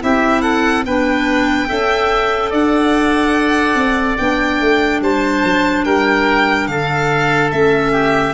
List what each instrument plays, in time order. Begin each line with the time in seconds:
0.00 tuba C4, clarinet E4, oboe G4, violin E5
0.41 oboe A4, violin F#5
0.85 tuba B3, clarinet D4, oboe B4, violin G5
1.68 tuba C#4, clarinet A4, oboe E5
2.50 tuba D4, oboe D5, violin F#5
3.74 tuba C4
4.16 tuba B3, clarinet D4, violin G5
4.60 tuba A3
5.01 tuba G3, oboe C5, violin A5
5.44 tuba F#3
5.84 tuba G3, oboe A#4, violin G5
6.67 tuba D3, oboe A4, violin F5
7.51 tuba A3, clarinet C#4, violin E5
7.92 oboe G4